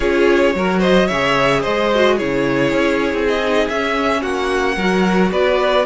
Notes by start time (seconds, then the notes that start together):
0.00 C#4 F4 G#4 C#5
0.54 F#3 F#4 A#4
0.79 C5 D#5
1.06 C#3 C#5 E5
1.12 G#4
1.61 G#3 C5 D#5
1.95 F#4
2.16 C#3 E4 G#4 C#5
2.72 C#4
3.13 C4
3.27 D#5
3.42 D#4
3.68 C#4 E5
4.21 A#3 F#4 F#5
4.76 F#3 F#4 A#4
5.31 B3 B4 D5